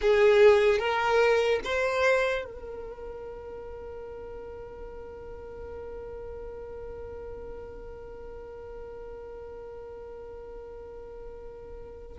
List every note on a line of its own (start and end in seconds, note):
0.01 0.79 G#4
0.79 1.60 A#4
1.64 2.44 C5
2.44 12.17 A#4